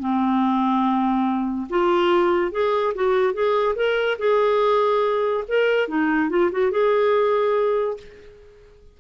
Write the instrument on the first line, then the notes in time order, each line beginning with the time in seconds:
clarinet
0.00 C4
1.70 F4
2.52 G#4
2.95 F#4
3.34 G#4
3.76 A#4
4.19 G#4
5.48 A#4
5.88 D#4
6.30 F4
6.52 F#4
6.72 G#4